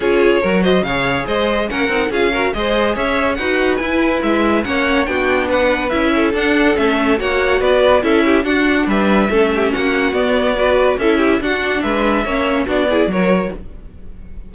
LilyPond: <<
  \new Staff \with { instrumentName = "violin" } { \time 4/4 \tempo 4 = 142 cis''4. dis''8 f''4 dis''4 | fis''4 f''4 dis''4 e''4 | fis''4 gis''4 e''4 fis''4 | g''4 fis''4 e''4 fis''4 |
e''4 fis''4 d''4 e''4 | fis''4 e''2 fis''4 | d''2 e''4 fis''4 | e''2 d''4 cis''4 | }
  \new Staff \with { instrumentName = "violin" } { \time 4/4 gis'4 ais'8 c''8 cis''4 c''4 | ais'4 gis'8 ais'8 c''4 cis''4 | b'2. cis''4 | fis'4 b'4. a'4.~ |
a'4 cis''4 b'4 a'8 g'8 | fis'4 b'4 a'8 g'8 fis'4~ | fis'4 b'4 a'8 g'8 fis'4 | b'4 cis''4 fis'8 gis'8 ais'4 | }
  \new Staff \with { instrumentName = "viola" } { \time 4/4 f'4 fis'4 gis'2 | cis'8 dis'8 f'8 fis'8 gis'2 | fis'4 e'2 cis'4 | d'2 e'4 d'4 |
cis'4 fis'2 e'4 | d'2 cis'2 | b4 fis'4 e'4 d'4~ | d'4 cis'4 d'8 e'8 fis'4 | }
  \new Staff \with { instrumentName = "cello" } { \time 4/4 cis'4 fis4 cis4 gis4 | ais8 c'8 cis'4 gis4 cis'4 | dis'4 e'4 gis4 ais4 | b2 cis'4 d'4 |
a4 ais4 b4 cis'4 | d'4 g4 a4 ais4 | b2 cis'4 d'4 | gis4 ais4 b4 fis4 | }
>>